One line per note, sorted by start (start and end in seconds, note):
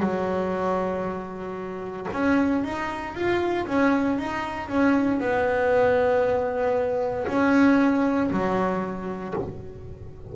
0.00 2.07 F#3
2.13 2.64 C#4
2.64 3.15 D#4
3.15 3.66 F4
3.67 4.18 C#4
4.18 4.68 D#4
4.68 5.20 C#4
5.20 7.26 B3
7.27 8.30 C#4
8.31 9.34 F#3